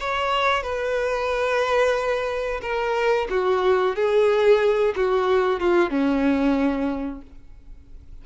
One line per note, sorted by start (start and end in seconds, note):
0.00 0.63 C#5
0.63 2.61 B4
2.62 3.28 A#4
3.30 3.96 F#4
3.96 4.95 G#4
4.96 5.60 F#4
5.60 5.90 F4
5.90 7.22 C#4